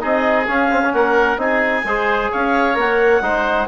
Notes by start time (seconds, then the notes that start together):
0.00 C4 D#4 G#4 D#5
0.48 C#4 F5
0.72 C4
0.85 C#4
0.93 A#3 A#4 F#5
1.37 C4 D#4 G#4 G#5
1.85 G#3 G#4 C5
2.32 C#4 C#5 F5
2.75 A#3 A#4 F#5
3.21 G#3 D#4 C5